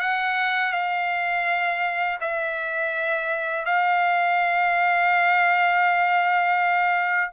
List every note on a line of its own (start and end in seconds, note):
0.00 0.73 F#5
0.73 2.19 F5
2.21 3.66 E5
3.66 7.31 F5